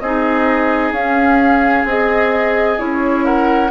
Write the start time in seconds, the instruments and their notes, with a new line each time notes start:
0.00 bassoon C4, clarinet D#4, oboe G#4, flute D#5
0.92 bassoon C#4, clarinet C#4, flute F5
1.84 bassoon C4, clarinet G#4, flute D#5
2.77 bassoon C#4, clarinet E4, flute C#5
3.25 oboe A#4, flute F#5